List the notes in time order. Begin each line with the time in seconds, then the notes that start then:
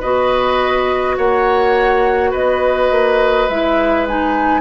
0.00 B3 F#4 B4 D#5
1.17 A#3 C#5 F#5
2.30 B3 B4 D#5
2.90 A#3
3.48 G#3 E4 E5
4.07 D#4 G#5